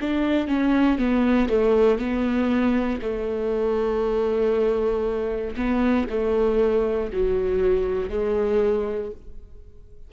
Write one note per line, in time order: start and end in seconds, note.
0.00 0.48 D4
0.48 0.98 C#4
0.98 1.49 B3
1.49 1.98 A3
1.98 3.00 B3
3.01 5.56 A3
5.57 6.07 B3
6.10 7.11 A3
7.13 8.09 F#3
8.09 9.11 G#3